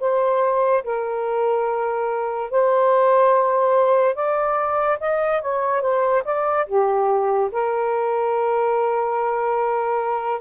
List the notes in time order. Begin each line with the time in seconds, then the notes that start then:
0.00 C5
0.84 A#4
2.51 C5
4.15 D5
5.00 D#5
5.42 C#5
5.82 C5
6.25 D5
6.67 G4
7.52 A#4